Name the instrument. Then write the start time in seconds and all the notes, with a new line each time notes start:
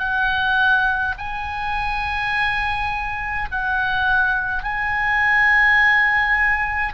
oboe
0.00 F#5
1.19 G#5
3.51 F#5
4.64 G#5